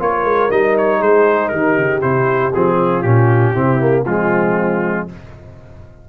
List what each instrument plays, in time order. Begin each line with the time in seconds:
0.00 tuba A#3, trombone F4, horn A#4, trumpet C#5
0.24 tuba G#3
0.50 tuba G3, trombone D#4, trumpet D#5
0.78 trumpet C#5
0.99 tuba G#3, horn G#4, trumpet C5
1.49 tuba D#3, horn G4, trumpet A#4
1.78 tuba C#3
2.01 tuba C3, trombone E4, trumpet C5
2.54 tuba F3, trombone C4, trumpet G#4
2.77 horn F4
3.03 tuba A#2, trombone C#4, trumpet G4
3.52 tuba C3, trombone C4, horn E4
3.80 trombone A#3
4.06 tuba F3, trombone G#3, horn C4, trumpet F4